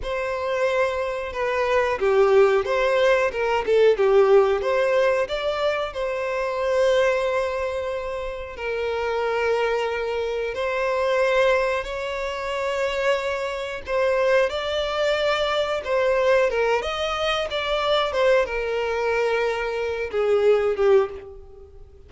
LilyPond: \new Staff \with { instrumentName = "violin" } { \time 4/4 \tempo 4 = 91 c''2 b'4 g'4 | c''4 ais'8 a'8 g'4 c''4 | d''4 c''2.~ | c''4 ais'2. |
c''2 cis''2~ | cis''4 c''4 d''2 | c''4 ais'8 dis''4 d''4 c''8 | ais'2~ ais'8 gis'4 g'8 | }